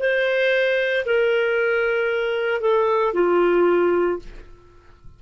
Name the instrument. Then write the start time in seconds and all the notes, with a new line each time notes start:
clarinet
0.00 C5
1.06 A#4
2.61 A4
3.14 F4